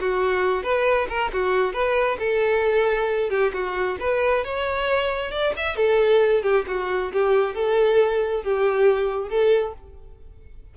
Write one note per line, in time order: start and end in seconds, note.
0.00 0.63 F#4
0.63 1.08 B4
1.09 1.31 A#4
1.33 1.73 F#4
1.73 2.18 B4
2.19 3.30 A4
3.30 3.52 G4
3.53 3.98 F#4
4.00 4.44 B4
4.44 5.31 C#5
5.31 5.53 D5
5.57 5.76 E5
5.76 6.43 A4
6.43 6.65 G4
6.67 7.12 F#4
7.13 7.55 G4
7.55 8.43 A4
8.43 9.29 G4
9.29 9.73 A4